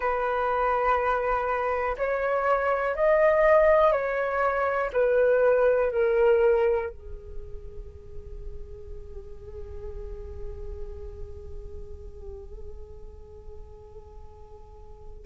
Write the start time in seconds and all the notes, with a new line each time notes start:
0.00 B4
1.97 C#5
2.95 D#5
3.92 C#5
4.92 B4
5.91 A#4
6.89 G#4